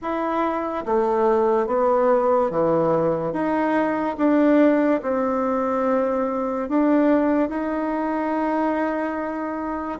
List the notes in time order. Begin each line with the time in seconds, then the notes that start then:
0.01 E4
0.85 A3
1.67 B3
2.50 E3
3.32 D#4
4.17 D4
5.02 C4
6.68 D4
7.48 D#4